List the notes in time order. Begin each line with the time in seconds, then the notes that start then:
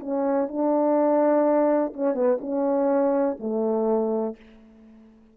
0.00 C#4
0.48 D4
1.93 C#4
2.14 B3
2.41 C#4
3.39 A3